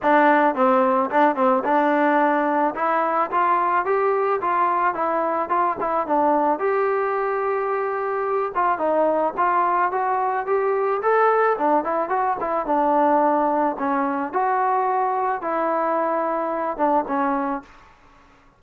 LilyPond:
\new Staff \with { instrumentName = "trombone" } { \time 4/4 \tempo 4 = 109 d'4 c'4 d'8 c'8 d'4~ | d'4 e'4 f'4 g'4 | f'4 e'4 f'8 e'8 d'4 | g'2.~ g'8 f'8 |
dis'4 f'4 fis'4 g'4 | a'4 d'8 e'8 fis'8 e'8 d'4~ | d'4 cis'4 fis'2 | e'2~ e'8 d'8 cis'4 | }